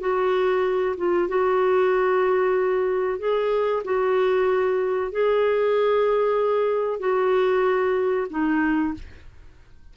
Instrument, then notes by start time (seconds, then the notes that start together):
clarinet
0.00 F#4
0.97 F4
1.29 F#4
3.19 G#4
3.84 F#4
5.12 G#4
7.00 F#4
8.30 D#4